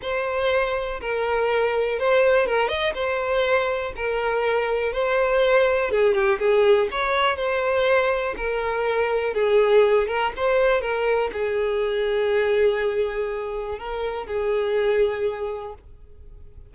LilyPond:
\new Staff \with { instrumentName = "violin" } { \time 4/4 \tempo 4 = 122 c''2 ais'2 | c''4 ais'8 dis''8 c''2 | ais'2 c''2 | gis'8 g'8 gis'4 cis''4 c''4~ |
c''4 ais'2 gis'4~ | gis'8 ais'8 c''4 ais'4 gis'4~ | gis'1 | ais'4 gis'2. | }